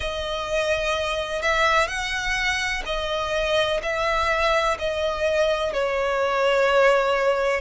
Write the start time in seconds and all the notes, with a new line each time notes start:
0.00 D#5
1.42 E5
1.87 F#5
2.85 D#5
3.82 E5
4.79 D#5
5.73 C#5